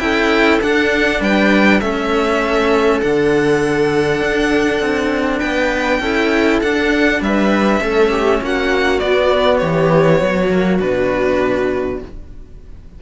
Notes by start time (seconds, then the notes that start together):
0.00 C#4 E4 A4 G5
0.62 D4 F#5
1.21 G3 B4 G5
1.80 A3 C#4 A4 E5
3.02 D3 D4 F#5
4.22 D4
4.81 C4
5.40 B3 B4 G5
6.00 C#4 E4 A4
6.62 D4 F#5
7.22 G3 B4 E5
7.80 A3 C#4 A4
8.10 G4
8.42 A#3 F#4 F#5
9.00 B3 D5
9.58 E3 G4 C#5
10.22 F#3 F#4
10.51 A#3
10.79 B2 D4 B4